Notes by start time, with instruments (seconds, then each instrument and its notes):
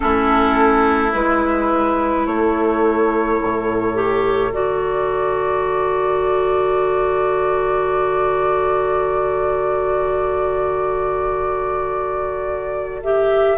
0.00 bassoon A3, clarinet C#4, oboe E4, flute A4
1.12 bassoon G#3, clarinet E4, flute B4
2.25 bassoon A3, oboe A4, flute C#5
3.42 bassoon A2
3.95 clarinet G4
4.52 bassoon D3, clarinet F#4, flute D5
13.02 clarinet G4, flute E5